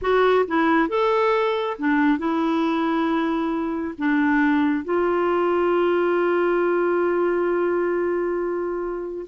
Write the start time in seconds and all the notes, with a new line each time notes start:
0.01 F#4
0.47 E4
0.88 A4
1.78 D4
2.18 E4
3.98 D4
4.84 F4